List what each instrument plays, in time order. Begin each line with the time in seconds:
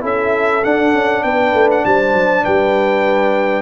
0.00 tuba C#4, trombone E4, horn A4, trumpet E5
0.64 trombone D4, tuba D4, trumpet F#5
0.94 tuba C#4
1.23 tuba B3, horn B4, trumpet G5
1.53 tuba A3
1.71 trumpet F#5
1.85 tuba G3, horn C5, trumpet A5
2.14 tuba F#3
2.43 tuba G3, horn B4, trumpet G5